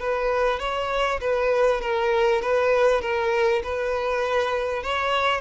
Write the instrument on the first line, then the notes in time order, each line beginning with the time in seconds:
violin
0.00 B4
0.60 C#5
1.21 B4
1.81 A#4
2.42 B4
3.02 A#4
3.64 B4
4.83 C#5